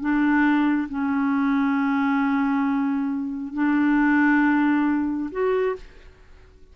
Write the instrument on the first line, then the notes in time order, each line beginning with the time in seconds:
clarinet
0.00 D4
0.89 C#4
3.54 D4
5.32 F#4